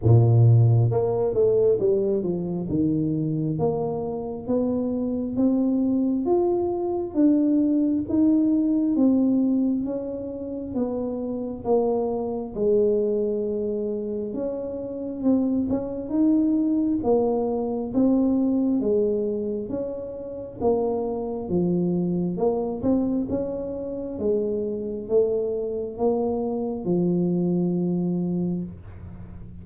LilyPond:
\new Staff \with { instrumentName = "tuba" } { \time 4/4 \tempo 4 = 67 ais,4 ais8 a8 g8 f8 dis4 | ais4 b4 c'4 f'4 | d'4 dis'4 c'4 cis'4 | b4 ais4 gis2 |
cis'4 c'8 cis'8 dis'4 ais4 | c'4 gis4 cis'4 ais4 | f4 ais8 c'8 cis'4 gis4 | a4 ais4 f2 | }